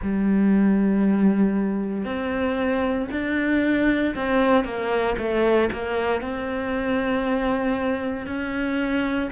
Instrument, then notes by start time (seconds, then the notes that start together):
cello
0.02 G3
2.05 C4
3.11 D4
4.15 C4
4.64 A#3
5.18 A3
5.72 A#3
6.21 C4
8.26 C#4